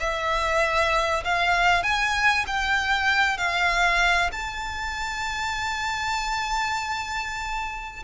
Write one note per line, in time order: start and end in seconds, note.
0.00 1.24 E5
1.24 1.83 F5
1.83 2.45 G#5
2.47 3.38 G5
3.38 4.30 F5
4.32 8.03 A5